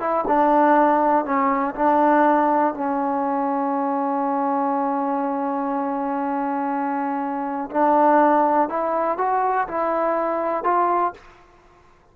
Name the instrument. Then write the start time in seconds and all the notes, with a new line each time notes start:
trombone
0.00 E4
0.27 D4
1.25 C#4
1.75 D4
2.74 C#4
7.70 D4
8.69 E4
9.18 F#4
9.68 E4
10.64 F4